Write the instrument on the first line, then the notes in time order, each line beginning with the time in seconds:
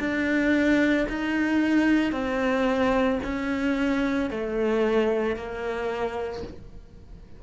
cello
0.00 D4
1.10 D#4
2.12 C4
3.24 C#4
4.31 A3
5.36 A#3